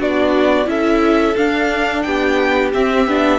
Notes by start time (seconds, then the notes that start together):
0.00 B3 D4 F#4 D5
0.66 C#4 E4 A4 E5
1.36 D4 F5
2.02 B3 G4 G5
2.74 C4 E5
3.07 B3 D4